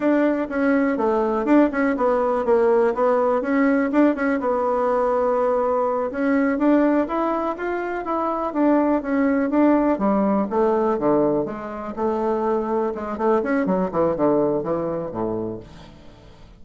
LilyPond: \new Staff \with { instrumentName = "bassoon" } { \time 4/4 \tempo 4 = 123 d'4 cis'4 a4 d'8 cis'8 | b4 ais4 b4 cis'4 | d'8 cis'8 b2.~ | b8 cis'4 d'4 e'4 f'8~ |
f'8 e'4 d'4 cis'4 d'8~ | d'8 g4 a4 d4 gis8~ | gis8 a2 gis8 a8 cis'8 | fis8 e8 d4 e4 a,4 | }